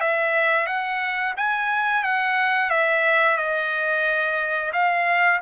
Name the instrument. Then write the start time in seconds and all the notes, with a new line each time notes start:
trumpet
0.00 E5
0.66 F#5
1.37 G#5
2.03 F#5
2.70 E5
3.37 D#5
4.73 F5